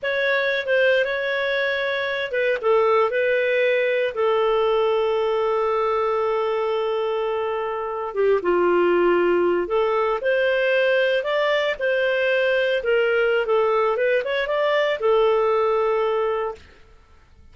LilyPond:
\new Staff \with { instrumentName = "clarinet" } { \time 4/4 \tempo 4 = 116 cis''4~ cis''16 c''8. cis''2~ | cis''8 b'8 a'4 b'2 | a'1~ | a'2.~ a'8. g'16~ |
g'16 f'2~ f'8 a'4 c''16~ | c''4.~ c''16 d''4 c''4~ c''16~ | c''8. ais'4~ ais'16 a'4 b'8 cis''8 | d''4 a'2. | }